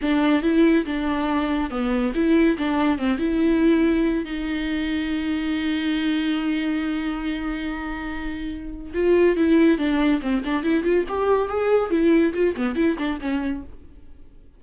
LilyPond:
\new Staff \with { instrumentName = "viola" } { \time 4/4 \tempo 4 = 141 d'4 e'4 d'2 | b4 e'4 d'4 c'8 e'8~ | e'2 dis'2~ | dis'1~ |
dis'1~ | dis'4 f'4 e'4 d'4 | c'8 d'8 e'8 f'8 g'4 gis'4 | e'4 f'8 b8 e'8 d'8 cis'4 | }